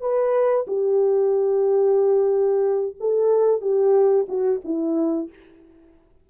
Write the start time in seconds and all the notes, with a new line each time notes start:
0.00 B4
0.67 G4
2.99 A4
3.61 G4
4.28 F#4
4.64 E4